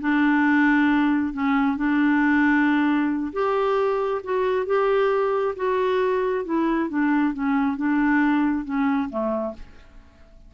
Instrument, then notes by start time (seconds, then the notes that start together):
clarinet
0.00 D4
1.33 C#4
1.77 D4
3.33 G4
4.23 F#4
4.65 G4
5.56 F#4
6.44 E4
6.89 D4
7.33 C#4
7.77 D4
8.64 C#4
9.09 A3